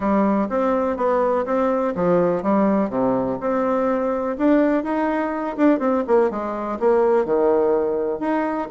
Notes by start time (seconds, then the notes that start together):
0.00 G3
0.49 C4
0.96 B3
1.45 C4
1.95 F3
2.42 G3
2.89 C3
3.40 C4
4.38 D4
4.83 D#4
5.56 D4
5.79 C4
6.07 A#3
6.30 G#3
6.79 A#3
7.25 D#3
8.19 D#4